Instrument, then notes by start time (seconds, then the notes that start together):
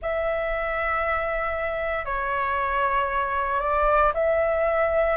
flute
0.02 E5
2.05 C#5
3.60 D5
4.14 E5